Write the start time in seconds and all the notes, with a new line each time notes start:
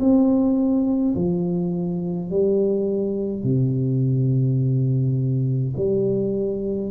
0.00 C4
1.16 F3
2.30 G3
3.44 C3
5.77 G3